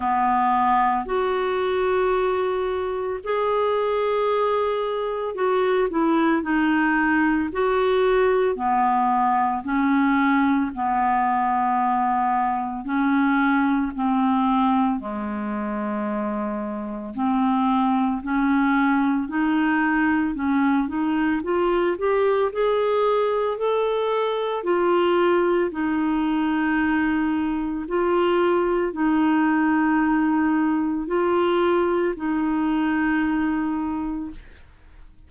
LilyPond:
\new Staff \with { instrumentName = "clarinet" } { \time 4/4 \tempo 4 = 56 b4 fis'2 gis'4~ | gis'4 fis'8 e'8 dis'4 fis'4 | b4 cis'4 b2 | cis'4 c'4 gis2 |
c'4 cis'4 dis'4 cis'8 dis'8 | f'8 g'8 gis'4 a'4 f'4 | dis'2 f'4 dis'4~ | dis'4 f'4 dis'2 | }